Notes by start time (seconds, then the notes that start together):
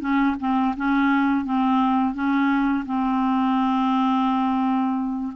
0.00 C#4
0.40 C4
0.76 C#4
1.45 C4
2.14 C#4
2.86 C4